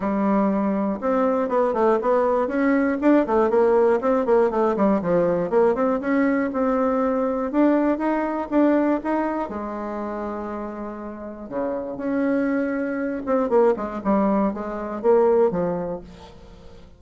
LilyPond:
\new Staff \with { instrumentName = "bassoon" } { \time 4/4 \tempo 4 = 120 g2 c'4 b8 a8 | b4 cis'4 d'8 a8 ais4 | c'8 ais8 a8 g8 f4 ais8 c'8 | cis'4 c'2 d'4 |
dis'4 d'4 dis'4 gis4~ | gis2. cis4 | cis'2~ cis'8 c'8 ais8 gis8 | g4 gis4 ais4 f4 | }